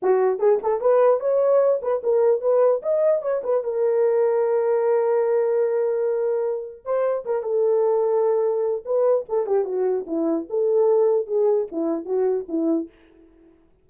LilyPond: \new Staff \with { instrumentName = "horn" } { \time 4/4 \tempo 4 = 149 fis'4 gis'8 a'8 b'4 cis''4~ | cis''8 b'8 ais'4 b'4 dis''4 | cis''8 b'8 ais'2.~ | ais'1~ |
ais'4 c''4 ais'8 a'4.~ | a'2 b'4 a'8 g'8 | fis'4 e'4 a'2 | gis'4 e'4 fis'4 e'4 | }